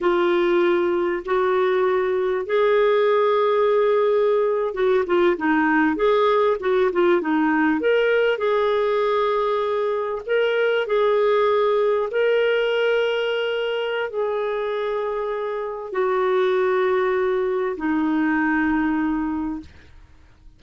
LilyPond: \new Staff \with { instrumentName = "clarinet" } { \time 4/4 \tempo 4 = 98 f'2 fis'2 | gis'2.~ gis'8. fis'16~ | fis'16 f'8 dis'4 gis'4 fis'8 f'8 dis'16~ | dis'8. ais'4 gis'2~ gis'16~ |
gis'8. ais'4 gis'2 ais'16~ | ais'2. gis'4~ | gis'2 fis'2~ | fis'4 dis'2. | }